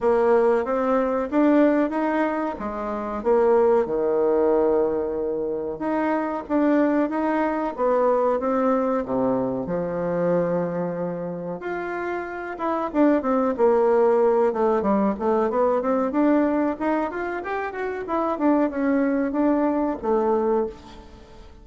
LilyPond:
\new Staff \with { instrumentName = "bassoon" } { \time 4/4 \tempo 4 = 93 ais4 c'4 d'4 dis'4 | gis4 ais4 dis2~ | dis4 dis'4 d'4 dis'4 | b4 c'4 c4 f4~ |
f2 f'4. e'8 | d'8 c'8 ais4. a8 g8 a8 | b8 c'8 d'4 dis'8 f'8 g'8 fis'8 | e'8 d'8 cis'4 d'4 a4 | }